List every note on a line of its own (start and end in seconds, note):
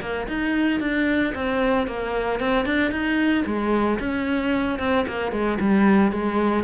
0.00 0.27 A#3
0.28 0.80 D#4
0.80 1.33 D4
1.34 1.86 C4
1.86 2.39 A#3
2.39 2.65 C4
2.65 2.91 D4
2.91 3.44 D#4
3.45 3.98 G#3
3.99 4.78 C#4
4.79 5.05 C4
5.07 5.31 A#3
5.31 5.58 G#3
5.60 6.12 G3
6.12 6.63 G#3